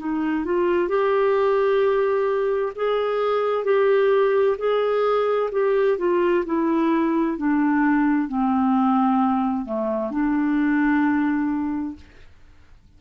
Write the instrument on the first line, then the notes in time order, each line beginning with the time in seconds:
clarinet
0.00 D#4
0.45 F4
0.89 G4
2.76 G#4
3.65 G4
4.58 G#4
5.52 G4
5.99 F4
6.46 E4
7.38 D4
8.29 C4
9.65 A3
10.12 D4